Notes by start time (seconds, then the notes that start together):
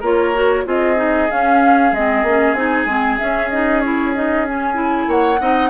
0.00 A#3 F4 A#4 C#5
0.34 F#4
0.65 C4 F4 G#4 D#5
0.96 D#4
1.30 C#4 F5
1.92 G#3 C4 D#5
2.22 A#3 C#4
2.53 C4 D#4 G#5
2.86 G#3 C4
3.17 C#4 E5
3.50 D#4 D#5
3.80 E4 C#5
4.15 D#4 D#5
4.47 C#4 G#5
4.73 E4
5.07 A#3 C#5 F#5
5.40 C4 D#4 D#5